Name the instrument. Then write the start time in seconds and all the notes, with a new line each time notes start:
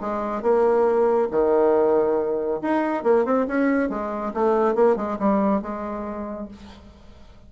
bassoon
0.00 G#3
0.42 A#3
1.31 D#3
2.61 D#4
3.03 A#3
3.25 C4
3.47 C#4
3.89 G#3
4.33 A3
4.74 A#3
4.96 G#3
5.19 G3
5.62 G#3